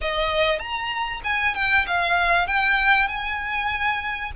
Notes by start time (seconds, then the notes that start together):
0.01 D#5
0.59 A#5
1.23 G#5
1.55 G5
1.86 F5
2.47 G5
3.08 G#5